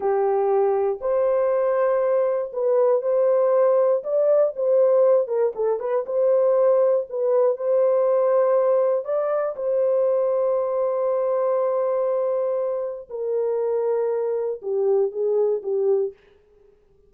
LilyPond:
\new Staff \with { instrumentName = "horn" } { \time 4/4 \tempo 4 = 119 g'2 c''2~ | c''4 b'4 c''2 | d''4 c''4. ais'8 a'8 b'8 | c''2 b'4 c''4~ |
c''2 d''4 c''4~ | c''1~ | c''2 ais'2~ | ais'4 g'4 gis'4 g'4 | }